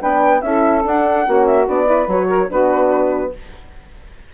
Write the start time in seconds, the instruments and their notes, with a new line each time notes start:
0.00 bassoon B3, horn D4, saxophone B4, flute G5
0.42 bassoon C#4, horn E4, saxophone A4, flute E5
0.83 horn D4, bassoon D4, flute F#5
1.25 bassoon A#3, horn C#4, saxophone F#4
1.46 flute E5
1.68 bassoon B3, horn D4, flute D5
1.87 horn E4, saxophone B4
2.08 bassoon F#3, horn F#4, flute C#5
2.29 saxophone A#4
2.50 bassoon B3, horn D4, saxophone F#4, flute B4